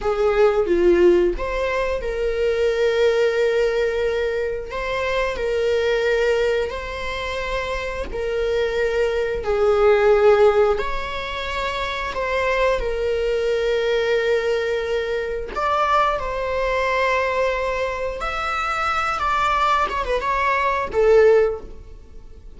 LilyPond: \new Staff \with { instrumentName = "viola" } { \time 4/4 \tempo 4 = 89 gis'4 f'4 c''4 ais'4~ | ais'2. c''4 | ais'2 c''2 | ais'2 gis'2 |
cis''2 c''4 ais'4~ | ais'2. d''4 | c''2. e''4~ | e''8 d''4 cis''16 b'16 cis''4 a'4 | }